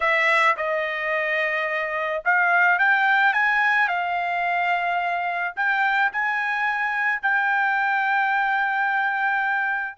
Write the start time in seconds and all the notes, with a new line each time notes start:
0.00 E5
0.56 D#5
2.24 F5
2.78 G5
3.33 G#5
3.87 F5
5.56 G5
6.12 G#5
7.21 G5